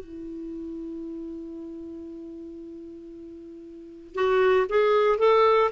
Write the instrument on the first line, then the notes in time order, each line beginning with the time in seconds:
clarinet
0.00 E4
4.15 F#4
4.70 G#4
5.19 A4